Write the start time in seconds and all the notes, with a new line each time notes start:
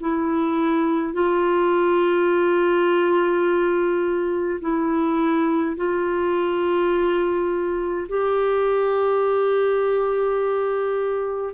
0.00 E4
1.14 F4
4.61 E4
5.77 F4
8.09 G4